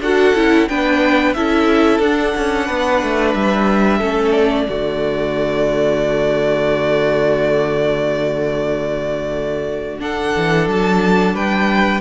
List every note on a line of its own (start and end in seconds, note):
0.00 0.33 D4
0.00 0.36 F#4
0.00 0.69 A4
0.00 0.68 F#5
0.34 0.68 C#4
0.34 0.69 E4
0.68 1.36 B3
0.68 1.35 D4
0.68 1.35 B4
0.68 1.33 G5
1.33 1.99 C#4
1.33 2.03 E4
1.33 2.66 A4
1.33 2.00 E5
1.99 2.32 D4
1.99 4.01 D4
1.99 3.34 F#5
2.37 2.69 C#4
2.66 3.02 B3
2.66 3.98 B4
3.03 3.34 A3
3.34 4.01 G3
3.34 4.32 E5
3.98 4.68 A3
3.98 4.67 C#4
3.98 4.64 A4
4.32 9.98 D5
4.68 10.35 D3
4.68 9.99 A3
4.68 10.02 F#4
9.99 11.99 D4
9.99 11.34 A4
9.99 10.68 F#5
10.36 10.67 E3
10.67 11.33 F#3
10.67 11.36 A5
11.33 12.00 G3
11.33 12.00 B4
11.33 12.00 G5